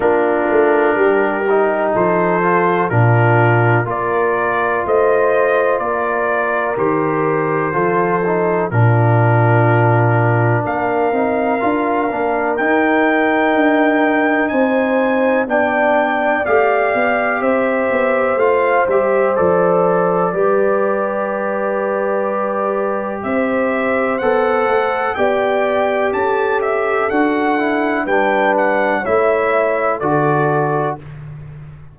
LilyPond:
<<
  \new Staff \with { instrumentName = "trumpet" } { \time 4/4 \tempo 4 = 62 ais'2 c''4 ais'4 | d''4 dis''4 d''4 c''4~ | c''4 ais'2 f''4~ | f''4 g''2 gis''4 |
g''4 f''4 e''4 f''8 e''8 | d''1 | e''4 fis''4 g''4 a''8 e''8 | fis''4 g''8 fis''8 e''4 d''4 | }
  \new Staff \with { instrumentName = "horn" } { \time 4/4 f'4 g'4 a'4 f'4 | ais'4 c''4 ais'2 | a'4 f'2 ais'4~ | ais'2. c''4 |
d''2 c''2~ | c''4 b'2. | c''2 d''4 a'4~ | a'4 b'4 cis''4 a'4 | }
  \new Staff \with { instrumentName = "trombone" } { \time 4/4 d'4. dis'4 f'8 d'4 | f'2. g'4 | f'8 dis'8 d'2~ d'8 dis'8 | f'8 d'8 dis'2. |
d'4 g'2 f'8 g'8 | a'4 g'2.~ | g'4 a'4 g'2 | fis'8 e'8 d'4 e'4 fis'4 | }
  \new Staff \with { instrumentName = "tuba" } { \time 4/4 ais8 a8 g4 f4 ais,4 | ais4 a4 ais4 dis4 | f4 ais,2 ais8 c'8 | d'8 ais8 dis'4 d'4 c'4 |
b4 a8 b8 c'8 b8 a8 g8 | f4 g2. | c'4 b8 a8 b4 cis'4 | d'4 g4 a4 d4 | }
>>